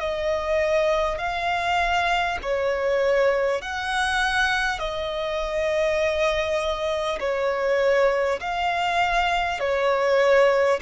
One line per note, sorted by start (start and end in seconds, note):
0.00 1.18 D#5
1.18 2.38 F5
2.43 3.62 C#5
3.62 4.79 F#5
4.79 7.19 D#5
7.20 8.40 C#5
8.41 9.60 F5
9.60 10.80 C#5